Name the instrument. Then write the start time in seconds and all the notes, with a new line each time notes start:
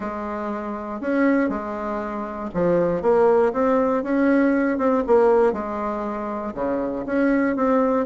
bassoon
0.00 G#3
1.00 C#4
1.49 G#3
2.53 F3
3.02 A#3
3.52 C4
4.03 C#4
4.78 C4
5.06 A#3
5.52 G#3
6.54 C#3
7.06 C#4
7.56 C4